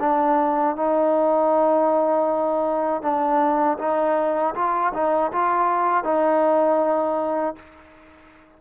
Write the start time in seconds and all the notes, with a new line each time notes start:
0.00 D4
0.76 D#4
3.02 D4
3.79 D#4
4.55 F4
4.94 D#4
5.32 F4
6.04 D#4